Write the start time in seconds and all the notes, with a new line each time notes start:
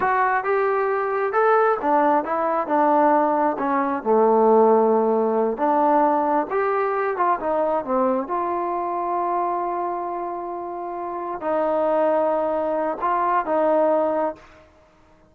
0.00 F#4
0.44 G4
1.32 A4
1.81 D4
2.24 E4
2.67 D4
3.58 C#4
4.03 A3
5.57 D4
6.50 G4
7.16 F4
7.40 D#4
7.85 C4
8.27 F4
11.40 D#4
13.01 F4
13.45 D#4